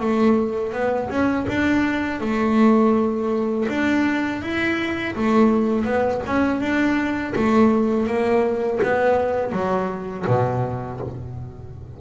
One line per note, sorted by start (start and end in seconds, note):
0.00 0.73 A3
0.73 1.09 B3
1.09 1.46 C#4
1.48 2.20 D4
2.20 3.67 A3
3.69 4.42 D4
4.42 5.15 E4
5.16 5.85 A3
5.85 6.21 B3
6.26 6.61 C#4
6.61 7.34 D4
7.36 8.07 A3
8.07 8.80 A#3
8.83 9.52 B3
9.52 10.25 F#3
10.27 11.00 B2